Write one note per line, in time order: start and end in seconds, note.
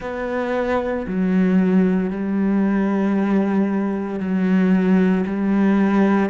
0.00 1.06 B3
1.07 2.10 F#3
2.10 4.19 G3
4.19 5.24 F#3
5.26 6.29 G3